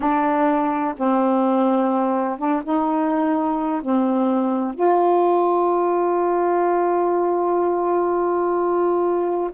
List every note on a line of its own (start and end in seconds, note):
0.00 0.94 D4
0.97 2.38 C4
2.38 2.62 D4
2.63 3.81 D#4
3.81 4.74 C4
4.74 9.50 F4